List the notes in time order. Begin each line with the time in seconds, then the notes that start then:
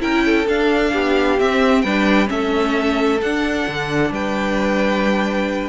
0.00 C#4 E4 A#4 G5
0.26 A4
0.48 D4 F5
0.93 B3 G4
1.39 C4 E5
1.82 G3 D4 B4 G5
2.27 A3 C#4 A4 E5
3.22 D4 F#5
3.68 D3
4.11 G3 B4 G5